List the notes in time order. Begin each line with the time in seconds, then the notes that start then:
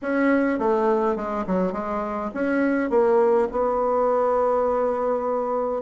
0.02 C#4
0.59 A3
1.15 G#3
1.46 F#3
1.72 G#3
2.34 C#4
2.89 A#3
3.51 B3